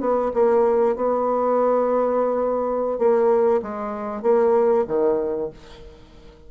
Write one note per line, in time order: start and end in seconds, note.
0.00 0.31 B3
0.34 0.96 A#3
0.96 2.99 B3
2.99 3.61 A#3
3.62 4.22 G#3
4.22 4.85 A#3
4.88 5.50 D#3